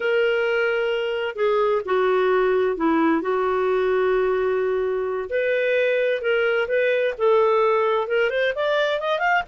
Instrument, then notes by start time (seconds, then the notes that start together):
clarinet
0.00 A#4
1.35 G#4
1.85 F#4
2.77 E4
3.21 F#4
5.29 B4
6.21 A#4
6.68 B4
7.17 A4
8.07 A#4
8.30 C5
8.55 D5
9.00 D#5
9.19 F5